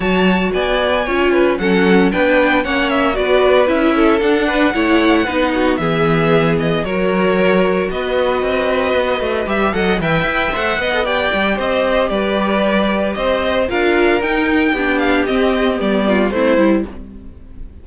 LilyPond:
<<
  \new Staff \with { instrumentName = "violin" } { \time 4/4 \tempo 4 = 114 a''4 gis''2 fis''4 | g''4 fis''8 e''8 d''4 e''4 | fis''2. e''4~ | e''8 dis''8 cis''2 dis''4~ |
dis''2 e''8 fis''8 g''4 | fis''4 g''4 dis''4 d''4~ | d''4 dis''4 f''4 g''4~ | g''8 f''8 dis''4 d''4 c''4 | }
  \new Staff \with { instrumentName = "violin" } { \time 4/4 cis''4 d''4 cis''8 b'8 a'4 | b'4 cis''4 b'4. a'8~ | a'8 b'8 cis''4 b'8 fis'8 gis'4~ | gis'4 ais'2 b'4~ |
b'2~ b'8 dis''8 e''4~ | e''8 dis''8 d''4 c''4 b'4~ | b'4 c''4 ais'2 | g'2~ g'8 f'8 e'4 | }
  \new Staff \with { instrumentName = "viola" } { \time 4/4 fis'2 f'4 cis'4 | d'4 cis'4 fis'4 e'4 | d'4 e'4 dis'4 b4~ | b4 fis'2.~ |
fis'2 g'8 a'8 b'4 | c''8 b'16 a'16 g'2.~ | g'2 f'4 dis'4 | d'4 c'4 b4 c'8 e'8 | }
  \new Staff \with { instrumentName = "cello" } { \time 4/4 fis4 b4 cis'4 fis4 | b4 ais4 b4 cis'4 | d'4 a4 b4 e4~ | e4 fis2 b4 |
c'4 b8 a8 g8 fis8 e8 e'8 | a8 b4 g8 c'4 g4~ | g4 c'4 d'4 dis'4 | b4 c'4 g4 a8 g8 | }
>>